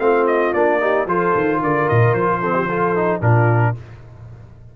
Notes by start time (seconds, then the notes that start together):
0.00 A3 C4 F4 F5
0.27 D#5
0.54 A#3 D4 D5
0.80 D#4 G4
1.07 F3 F4 A4 C5
1.35 D#3
1.61 D3 A#4 D5
1.89 A#2 D#5
2.13 F3 C5
2.41 C4 A4
2.55 G4
2.69 F4 A4
2.96 D#4
3.21 A#2 D4 F4 A#4